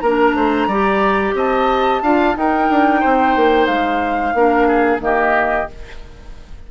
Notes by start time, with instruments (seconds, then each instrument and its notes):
0.00 bassoon A#3, oboe A#4, flute A#5
0.06 clarinet D4
0.34 bassoon A3, oboe C5
0.67 bassoon G3, clarinet G4, oboe D5
1.34 bassoon C4, oboe D#5, flute A5
2.02 bassoon D4, clarinet F4, oboe F5
2.34 clarinet D#4, bassoon D#4, oboe A#4, flute G5
2.70 bassoon D4
3.00 bassoon C4, oboe C5
3.36 bassoon A#3
3.66 bassoon G#3, flute F5
4.34 bassoon A#3, clarinet D4, oboe A#4
4.67 oboe G#4
5.00 bassoon D#3, clarinet A#3, oboe G4, flute D#5